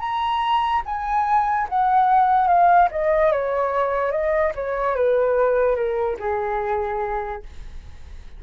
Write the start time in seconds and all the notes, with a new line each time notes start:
0.00 A#5
0.86 G#5
1.70 F#5
2.48 F5
2.91 D#5
3.32 C#5
4.12 D#5
4.55 C#5
4.96 B4
5.76 A#4
6.20 G#4